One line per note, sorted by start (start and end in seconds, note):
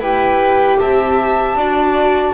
0.00 0.78 E4
0.00 1.58 G4
0.00 0.79 B4
0.00 0.80 G5
0.80 1.55 C4
0.80 1.58 E5
0.80 2.35 A5
1.55 2.33 D4
1.55 2.35 F#4
1.55 2.35 D5